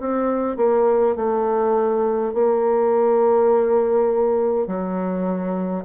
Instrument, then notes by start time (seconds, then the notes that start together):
bassoon
0.00 C4
0.57 A#3
1.16 A3
2.34 A#3
4.67 F#3